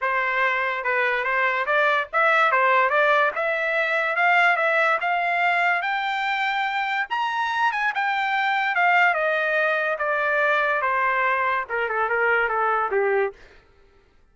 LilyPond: \new Staff \with { instrumentName = "trumpet" } { \time 4/4 \tempo 4 = 144 c''2 b'4 c''4 | d''4 e''4 c''4 d''4 | e''2 f''4 e''4 | f''2 g''2~ |
g''4 ais''4. gis''8 g''4~ | g''4 f''4 dis''2 | d''2 c''2 | ais'8 a'8 ais'4 a'4 g'4 | }